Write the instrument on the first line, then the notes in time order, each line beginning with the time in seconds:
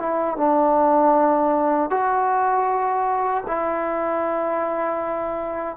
trombone
0.00 E4
0.38 D4
1.91 F#4
3.48 E4